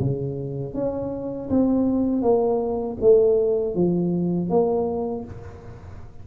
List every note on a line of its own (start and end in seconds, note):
0.00 0.74 C#3
0.74 1.49 C#4
1.49 2.22 C4
2.22 2.97 A#3
3.01 3.75 A3
3.75 4.49 F3
4.49 5.24 A#3